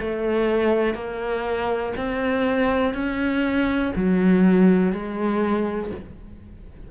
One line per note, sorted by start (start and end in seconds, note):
0.00 0.94 A3
0.94 1.93 A#3
1.97 2.94 C4
2.94 3.93 C#4
3.96 4.93 F#3
4.93 5.91 G#3